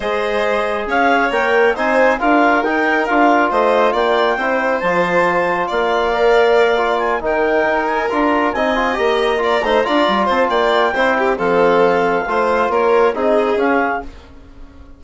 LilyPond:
<<
  \new Staff \with { instrumentName = "clarinet" } { \time 4/4 \tempo 4 = 137 dis''2 f''4 g''4 | gis''4 f''4 g''4 f''4 | dis''4 g''2 a''4~ | a''4 f''2. |
gis''8 g''4. gis''8 ais''4 gis''8~ | gis''8 ais''2. a''8 | g''2 f''2~ | f''4 cis''4 dis''4 f''4 | }
  \new Staff \with { instrumentName = "violin" } { \time 4/4 c''2 cis''2 | c''4 ais'2. | c''4 d''4 c''2~ | c''4 d''2.~ |
d''8 ais'2. dis''8~ | dis''4. d''8 c''8 d''4 c''8 | d''4 c''8 g'8 a'2 | c''4 ais'4 gis'2 | }
  \new Staff \with { instrumentName = "trombone" } { \time 4/4 gis'2. ais'4 | dis'4 f'4 dis'4 f'4~ | f'2 e'4 f'4~ | f'2 ais'4. f'8~ |
f'8 dis'2 f'4 dis'8 | f'8 g'4 f'8 dis'8 f'4.~ | f'4 e'4 c'2 | f'2 dis'4 cis'4 | }
  \new Staff \with { instrumentName = "bassoon" } { \time 4/4 gis2 cis'4 ais4 | c'4 d'4 dis'4 d'4 | a4 ais4 c'4 f4~ | f4 ais2.~ |
ais8 dis4 dis'4 d'4 c'8~ | c'8 ais4. a8 d'8 g8 c'8 | ais4 c'4 f2 | a4 ais4 c'4 cis'4 | }
>>